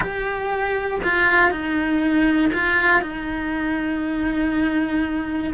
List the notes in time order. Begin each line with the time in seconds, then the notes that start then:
0.00 G4
1.03 F4
1.50 D#4
2.53 F4
3.01 D#4